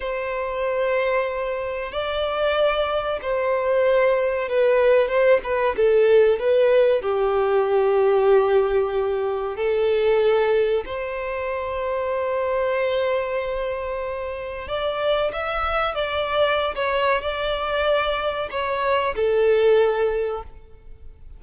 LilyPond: \new Staff \with { instrumentName = "violin" } { \time 4/4 \tempo 4 = 94 c''2. d''4~ | d''4 c''2 b'4 | c''8 b'8 a'4 b'4 g'4~ | g'2. a'4~ |
a'4 c''2.~ | c''2. d''4 | e''4 d''4~ d''16 cis''8. d''4~ | d''4 cis''4 a'2 | }